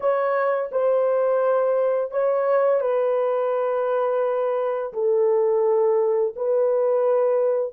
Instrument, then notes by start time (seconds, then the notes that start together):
horn
0.00 C#5
0.71 C5
2.11 C#5
2.80 B4
4.93 A4
6.36 B4